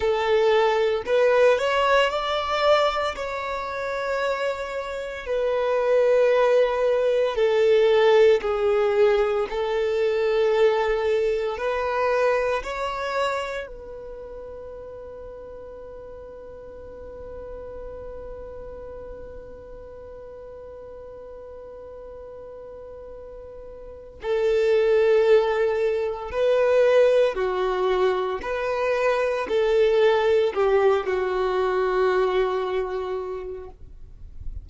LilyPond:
\new Staff \with { instrumentName = "violin" } { \time 4/4 \tempo 4 = 57 a'4 b'8 cis''8 d''4 cis''4~ | cis''4 b'2 a'4 | gis'4 a'2 b'4 | cis''4 b'2.~ |
b'1~ | b'2. a'4~ | a'4 b'4 fis'4 b'4 | a'4 g'8 fis'2~ fis'8 | }